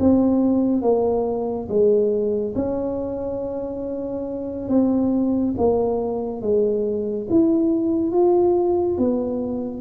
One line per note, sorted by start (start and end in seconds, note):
0.00 0.82 C4
0.82 1.68 A#3
1.69 2.55 G#3
2.56 4.69 C#4
4.69 5.55 C4
5.58 6.42 A#3
6.42 7.27 G#3
7.30 8.12 E4
8.12 8.98 F4
8.98 9.81 B3